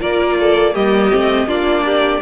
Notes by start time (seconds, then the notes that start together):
0.00 A#3 F4 A#4 D5
0.40 A4
0.74 G3 A#3 G4 D#5
1.11 A3 C4
1.46 A#3 D4 F4 D5
1.85 G4